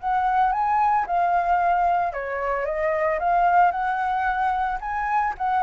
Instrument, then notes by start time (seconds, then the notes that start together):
flute
0.00 F#5
0.52 G#5
1.07 F5
2.13 C#5
2.65 D#5
3.20 F5
3.71 F#5
4.81 G#5
5.38 F#5